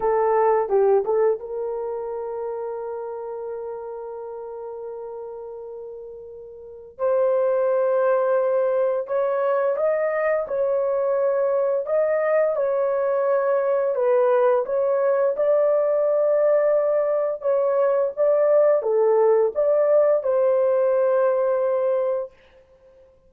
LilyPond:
\new Staff \with { instrumentName = "horn" } { \time 4/4 \tempo 4 = 86 a'4 g'8 a'8 ais'2~ | ais'1~ | ais'2 c''2~ | c''4 cis''4 dis''4 cis''4~ |
cis''4 dis''4 cis''2 | b'4 cis''4 d''2~ | d''4 cis''4 d''4 a'4 | d''4 c''2. | }